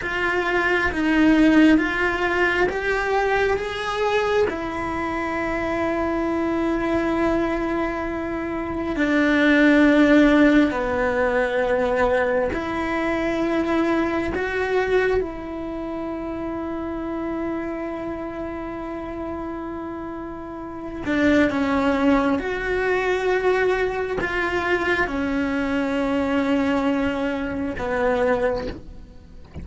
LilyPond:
\new Staff \with { instrumentName = "cello" } { \time 4/4 \tempo 4 = 67 f'4 dis'4 f'4 g'4 | gis'4 e'2.~ | e'2 d'2 | b2 e'2 |
fis'4 e'2.~ | e'2.~ e'8 d'8 | cis'4 fis'2 f'4 | cis'2. b4 | }